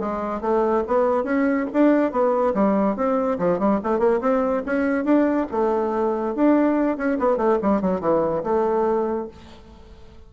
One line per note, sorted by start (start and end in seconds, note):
0.00 0.41 G#3
0.41 0.84 A3
0.88 1.24 B3
1.24 1.66 C#4
1.73 2.12 D4
2.12 2.54 B3
2.55 2.96 G3
2.96 3.39 C4
3.39 3.59 F3
3.59 3.80 G3
3.84 3.99 A3
3.99 4.20 A#3
4.21 4.63 C4
4.66 5.05 C#4
5.05 5.47 D4
5.52 6.35 A3
6.35 6.97 D4
6.97 7.19 C#4
7.19 7.37 B3
7.37 7.58 A3
7.63 7.81 G3
7.81 8.01 F#3
8.01 8.43 E3
8.44 9.28 A3